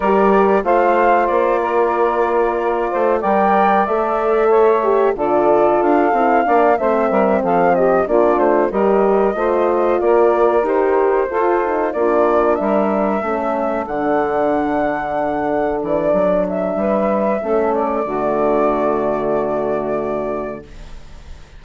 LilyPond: <<
  \new Staff \with { instrumentName = "flute" } { \time 4/4 \tempo 4 = 93 d''4 f''4 d''2~ | d''4 g''4 e''2 | d''4 f''4. e''4 f''8 | dis''8 d''8 c''8 dis''2 d''8~ |
d''8 c''2 d''4 e''8~ | e''4. fis''2~ fis''8~ | fis''8 d''4 e''2 d''8~ | d''1 | }
  \new Staff \with { instrumentName = "saxophone" } { \time 4/4 ais'4 c''4. ais'4.~ | ais'8 c''8 d''2 cis''4 | a'2 d''8 c''8 ais'8 a'8 | g'8 f'4 ais'4 c''4 ais'8~ |
ais'4. a'4 f'4 ais'8~ | ais'8 a'2.~ a'8~ | a'2 b'4 a'4 | fis'1 | }
  \new Staff \with { instrumentName = "horn" } { \time 4/4 g'4 f'2.~ | f'4 ais'4 a'4. g'8 | f'4. e'8 d'8 c'4.~ | c'8 d'4 g'4 f'4.~ |
f'8 g'4 f'8 dis'8 d'4.~ | d'8 cis'4 d'2~ d'8~ | d'2. cis'4 | a1 | }
  \new Staff \with { instrumentName = "bassoon" } { \time 4/4 g4 a4 ais2~ | ais8 a8 g4 a2 | d4 d'8 c'8 ais8 a8 g8 f8~ | f8 ais8 a8 g4 a4 ais8~ |
ais8 dis'4 f'4 ais4 g8~ | g8 a4 d2~ d8~ | d8 e8 fis4 g4 a4 | d1 | }
>>